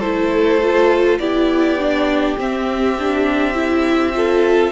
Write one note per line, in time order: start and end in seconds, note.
0.00 1.18 A3
0.00 0.61 E4
0.00 1.18 A4
0.00 1.18 C5
0.62 1.20 F4
1.18 2.36 B3
1.18 1.79 E4
1.18 4.14 G4
1.18 2.36 D5
1.79 2.37 D4
2.38 2.97 C4
2.38 4.72 C4
2.38 4.72 E5
2.99 3.54 D4
3.54 4.13 E4
4.13 4.72 F4
4.13 4.72 A4